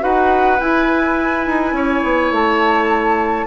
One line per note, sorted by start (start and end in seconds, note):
0.00 0.60 D#4
0.00 0.58 F#4
0.00 1.76 B4
0.00 0.60 F#5
0.60 1.46 E4
0.60 3.47 E4
0.60 2.33 G#5
1.46 1.72 D#4
1.72 2.01 C#4
1.72 3.47 C#5
2.03 2.31 B3
2.31 3.46 A3
2.31 3.47 A5